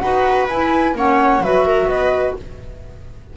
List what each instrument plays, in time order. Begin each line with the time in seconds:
0.00 double bass D#4, clarinet F#4, viola B4, flute F#5
0.48 double bass E4, clarinet E4, flute G#5
0.94 double bass A#3, clarinet C#4, viola C#5, flute F#5
1.41 double bass F#3, clarinet F#4, viola B4, flute E5
1.66 viola A#4
1.86 double bass B3, viola B4, flute D#5